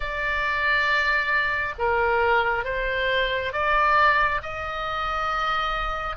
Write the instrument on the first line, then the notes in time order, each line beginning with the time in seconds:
oboe
0.00 D5
1.78 A#4
2.64 C5
3.53 D5
4.42 D#5